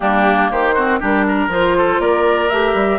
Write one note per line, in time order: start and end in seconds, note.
0.00 0.50 G3
0.00 0.72 A#3
0.00 0.51 D4
0.00 0.49 G4
0.50 1.00 D#3
0.50 0.74 G4
0.50 1.01 C5
0.74 1.00 C4
0.74 0.99 F#4
1.00 1.48 G3
1.00 1.49 D4
1.00 1.25 G4
1.00 1.52 A#4
1.27 1.77 A#4
1.48 1.98 F3
1.48 2.49 F4
1.48 2.00 C5
1.77 2.00 A4
1.99 2.49 A#3
1.99 2.99 A#4
1.99 2.49 D5
2.49 2.74 A3
2.49 2.99 G4
2.49 2.99 E5
2.74 2.99 G3